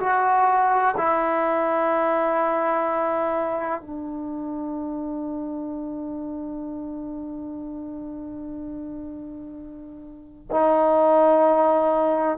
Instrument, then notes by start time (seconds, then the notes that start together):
trombone
0.00 F#4
0.97 E4
3.82 D4
10.51 D#4